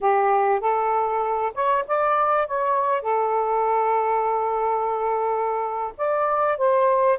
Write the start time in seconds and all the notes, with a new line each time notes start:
0.00 G4
0.60 A4
1.54 C#5
1.87 D5
2.47 C#5
3.02 A4
5.97 D5
6.57 C5